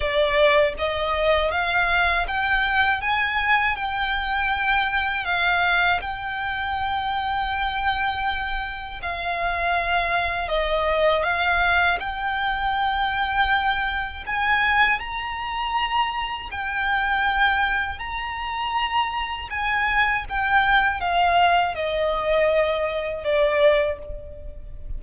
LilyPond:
\new Staff \with { instrumentName = "violin" } { \time 4/4 \tempo 4 = 80 d''4 dis''4 f''4 g''4 | gis''4 g''2 f''4 | g''1 | f''2 dis''4 f''4 |
g''2. gis''4 | ais''2 g''2 | ais''2 gis''4 g''4 | f''4 dis''2 d''4 | }